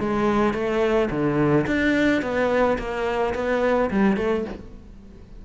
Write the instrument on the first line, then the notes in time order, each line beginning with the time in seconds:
cello
0.00 G#3
0.54 A3
1.11 D3
1.67 D4
2.22 B3
2.79 A#3
3.35 B3
3.91 G3
4.17 A3